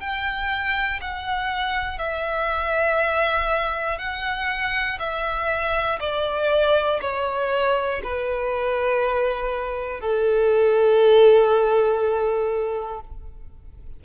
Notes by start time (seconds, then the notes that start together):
0.00 G5
1.01 F#5
1.99 E5
3.99 F#5
4.99 E5
6.00 D5
7.01 C#5
8.04 B4
10.00 A4